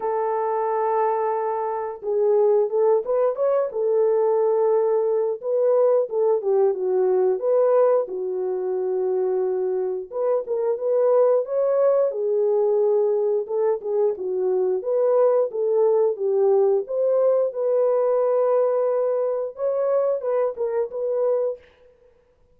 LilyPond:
\new Staff \with { instrumentName = "horn" } { \time 4/4 \tempo 4 = 89 a'2. gis'4 | a'8 b'8 cis''8 a'2~ a'8 | b'4 a'8 g'8 fis'4 b'4 | fis'2. b'8 ais'8 |
b'4 cis''4 gis'2 | a'8 gis'8 fis'4 b'4 a'4 | g'4 c''4 b'2~ | b'4 cis''4 b'8 ais'8 b'4 | }